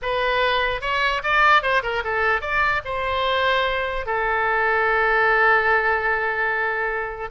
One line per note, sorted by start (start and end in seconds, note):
0.02 0.81 B4
0.81 1.22 C#5
1.23 1.62 D5
1.62 1.82 C5
1.82 2.03 A#4
2.04 2.41 A4
2.41 2.81 D5
2.85 4.06 C5
4.06 7.30 A4